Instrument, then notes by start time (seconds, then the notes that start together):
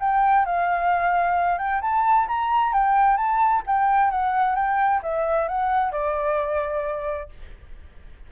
flute
0.00 G5
0.46 F5
1.58 G5
1.82 A5
2.28 A#5
2.73 G5
3.17 A5
3.67 G5
4.11 F#5
4.56 G5
5.03 E5
5.48 F#5
5.92 D5